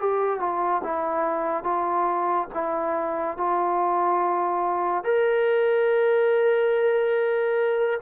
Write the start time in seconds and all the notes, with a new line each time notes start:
0.00 G4
0.40 F4
0.84 E4
1.64 F4
2.54 E4
3.38 F4
5.04 A#4